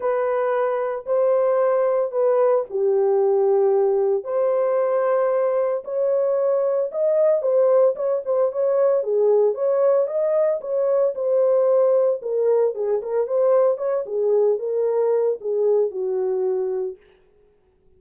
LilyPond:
\new Staff \with { instrumentName = "horn" } { \time 4/4 \tempo 4 = 113 b'2 c''2 | b'4 g'2. | c''2. cis''4~ | cis''4 dis''4 c''4 cis''8 c''8 |
cis''4 gis'4 cis''4 dis''4 | cis''4 c''2 ais'4 | gis'8 ais'8 c''4 cis''8 gis'4 ais'8~ | ais'4 gis'4 fis'2 | }